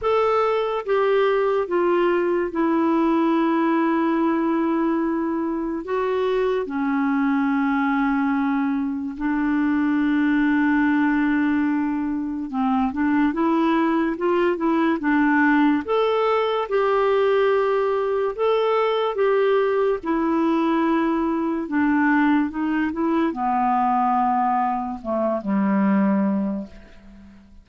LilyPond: \new Staff \with { instrumentName = "clarinet" } { \time 4/4 \tempo 4 = 72 a'4 g'4 f'4 e'4~ | e'2. fis'4 | cis'2. d'4~ | d'2. c'8 d'8 |
e'4 f'8 e'8 d'4 a'4 | g'2 a'4 g'4 | e'2 d'4 dis'8 e'8 | b2 a8 g4. | }